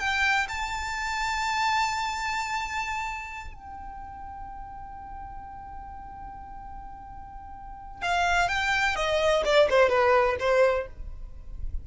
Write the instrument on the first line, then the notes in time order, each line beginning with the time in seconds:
violin
0.00 G5
0.48 A5
3.54 G5
8.02 F5
8.49 G5
8.96 D#5
9.45 D5
9.70 C5
9.89 B4
10.40 C5